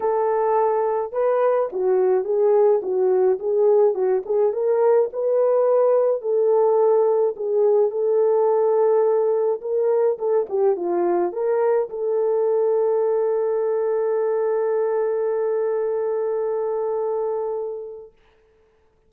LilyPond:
\new Staff \with { instrumentName = "horn" } { \time 4/4 \tempo 4 = 106 a'2 b'4 fis'4 | gis'4 fis'4 gis'4 fis'8 gis'8 | ais'4 b'2 a'4~ | a'4 gis'4 a'2~ |
a'4 ais'4 a'8 g'8 f'4 | ais'4 a'2.~ | a'1~ | a'1 | }